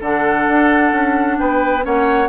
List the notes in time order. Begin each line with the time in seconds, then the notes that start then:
0.00 D3 D4 A4 F#5
0.48 D4
0.92 C#4
1.38 B3 B4 G5
1.81 A#3 C#4 C#5 F#5